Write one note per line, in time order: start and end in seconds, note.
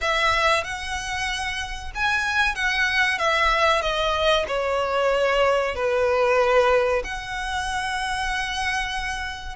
0.01 0.64 E5
0.64 1.91 F#5
1.94 2.55 G#5
2.55 3.18 F#5
3.18 3.82 E5
3.82 4.45 D#5
4.47 5.75 C#5
5.75 7.02 B4
7.04 9.55 F#5